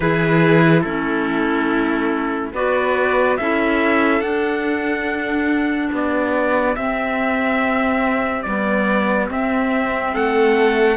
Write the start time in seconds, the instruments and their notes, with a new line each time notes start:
0.00 cello E3, clarinet E4, violin G#4, trumpet B4
0.81 cello A3, clarinet C#4, violin E4, trumpet A4
2.53 cello B3, clarinet F#4, violin B4, trumpet D5
3.36 cello C#4, clarinet E4, violin A4, trumpet E5
4.20 cello D4, clarinet D4, trumpet F#5
5.92 cello B3, violin G4, trumpet D5
6.75 cello C4, clarinet C4, trumpet E5
8.42 clarinet G3, cello B3, trumpet D5
9.30 clarinet C4, cello C4, trumpet E5
10.13 cello A3, violin A4, trumpet F#5